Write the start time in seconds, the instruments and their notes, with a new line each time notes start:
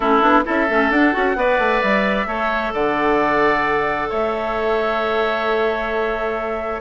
0.00 bassoon A3, clarinet C#4, oboe E4, flute A4
0.21 bassoon B3, clarinet D4
0.44 bassoon C#4, clarinet E4, oboe A4, flute E5
0.69 bassoon A3, clarinet C#4
0.90 bassoon D4, clarinet D4, flute F#5
1.12 bassoon C#4, clarinet F#4
1.35 bassoon B3, clarinet B4, oboe D5
1.58 bassoon A3
1.81 bassoon G3, flute E5
2.26 bassoon A3, clarinet A4, oboe C#5
2.73 bassoon D3, oboe D5, flute F#5
4.09 bassoon A3, oboe C#5, flute E5